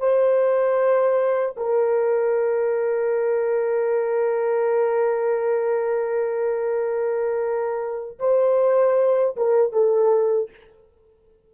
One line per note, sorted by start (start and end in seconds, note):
0.00 1.56 C5
1.57 8.19 A#4
8.19 9.36 C5
9.36 9.73 A#4
9.73 10.51 A4